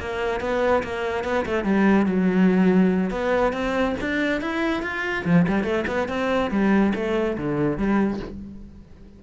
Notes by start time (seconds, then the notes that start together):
0.00 A#3
0.40 B3
0.83 A#3
1.24 B3
1.45 A3
1.64 G3
2.06 F#3
3.10 B3
3.53 C4
4.00 D4
4.41 E4
4.82 F4
5.25 F3
5.48 G3
5.64 A3
5.87 B3
6.08 C4
6.50 G3
6.95 A3
7.37 D3
7.77 G3